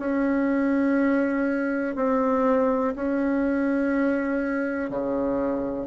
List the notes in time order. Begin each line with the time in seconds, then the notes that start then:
0.00 C#4
1.96 C4
2.96 C#4
4.91 C#3